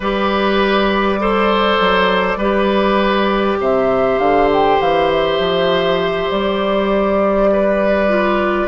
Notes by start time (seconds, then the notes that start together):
0.00 G3 G4 B4 D5
1.19 A4 C5
1.80 F#3
2.36 G3 G4 B4
3.60 C3 C5 E5
4.18 D3 F5
4.53 G5
4.80 E3 F5
5.11 E5
5.38 F3
6.30 G3 D5
7.52 B4
8.08 F4